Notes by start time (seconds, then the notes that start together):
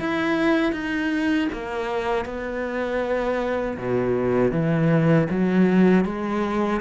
0.00 E4
0.72 D#4
1.53 A#3
2.26 B3
3.78 B2
4.52 E3
5.31 F#3
6.05 G#3